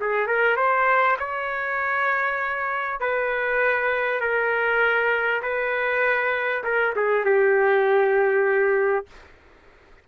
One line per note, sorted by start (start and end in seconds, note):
0.00 0.27 G#4
0.27 0.56 A#4
0.56 1.17 C5
1.19 3.00 C#5
3.00 4.20 B4
4.20 5.42 A#4
5.42 6.63 B4
6.64 6.94 A#4
6.96 7.25 G#4
7.25 9.07 G4